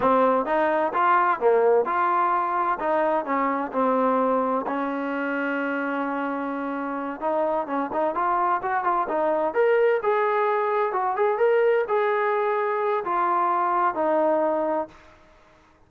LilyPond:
\new Staff \with { instrumentName = "trombone" } { \time 4/4 \tempo 4 = 129 c'4 dis'4 f'4 ais4 | f'2 dis'4 cis'4 | c'2 cis'2~ | cis'2.~ cis'8 dis'8~ |
dis'8 cis'8 dis'8 f'4 fis'8 f'8 dis'8~ | dis'8 ais'4 gis'2 fis'8 | gis'8 ais'4 gis'2~ gis'8 | f'2 dis'2 | }